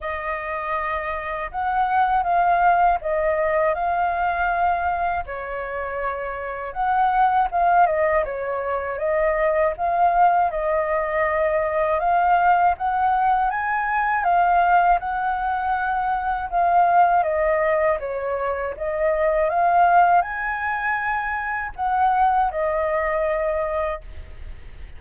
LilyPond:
\new Staff \with { instrumentName = "flute" } { \time 4/4 \tempo 4 = 80 dis''2 fis''4 f''4 | dis''4 f''2 cis''4~ | cis''4 fis''4 f''8 dis''8 cis''4 | dis''4 f''4 dis''2 |
f''4 fis''4 gis''4 f''4 | fis''2 f''4 dis''4 | cis''4 dis''4 f''4 gis''4~ | gis''4 fis''4 dis''2 | }